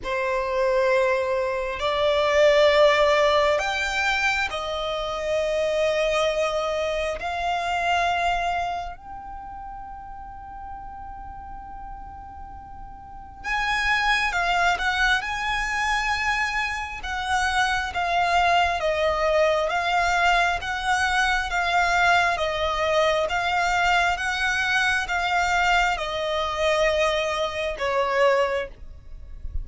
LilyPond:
\new Staff \with { instrumentName = "violin" } { \time 4/4 \tempo 4 = 67 c''2 d''2 | g''4 dis''2. | f''2 g''2~ | g''2. gis''4 |
f''8 fis''8 gis''2 fis''4 | f''4 dis''4 f''4 fis''4 | f''4 dis''4 f''4 fis''4 | f''4 dis''2 cis''4 | }